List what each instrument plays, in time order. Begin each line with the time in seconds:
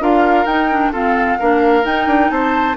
0.00 bassoon D4, clarinet F4, oboe A#4, flute F5
0.45 bassoon D#4, clarinet D#4, flute G5
0.71 clarinet D4
0.92 clarinet C4, bassoon F4, oboe A4, flute F5
1.39 bassoon A#3, clarinet D4, oboe A#4
1.83 clarinet D#4, bassoon D#4, flute G5
2.06 bassoon D4
2.30 bassoon C4, oboe C5, flute A5